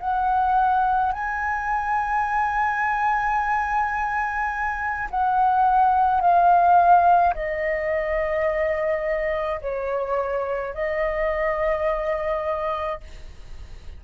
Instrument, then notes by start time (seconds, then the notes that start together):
flute
0.00 F#5
1.12 G#5
5.10 F#5
6.21 F5
7.34 D#5
9.61 C#5
10.74 D#5